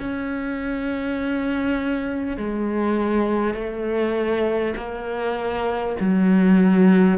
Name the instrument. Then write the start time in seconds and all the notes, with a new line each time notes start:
cello
0.00 C#4
2.38 G#3
3.55 A3
4.77 A#3
6.00 F#3